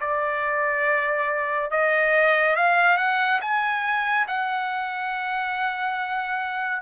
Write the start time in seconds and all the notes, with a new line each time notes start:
0.00 D5
1.70 D#5
2.56 F5
2.97 F#5
3.41 G#5
4.27 F#5